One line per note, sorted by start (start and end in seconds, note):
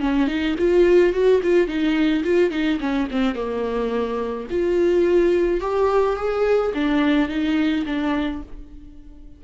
0.00 0.27 C#4
0.27 0.55 D#4
0.58 1.13 F4
1.13 1.41 F#4
1.43 1.67 F4
1.67 2.23 D#4
2.24 2.51 F4
2.51 2.79 D#4
2.80 3.08 C#4
3.11 3.35 C4
3.35 4.47 A#3
4.50 5.60 F4
5.60 6.16 G4
6.16 6.72 G#4
6.74 7.28 D4
7.28 7.84 D#4
7.86 8.42 D4